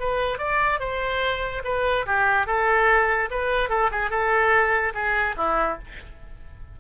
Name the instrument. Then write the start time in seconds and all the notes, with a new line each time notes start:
oboe
0.00 B4
0.39 D5
0.80 C5
1.65 B4
2.07 G4
2.47 A4
3.31 B4
3.70 A4
3.92 G#4
4.10 A4
4.94 G#4
5.37 E4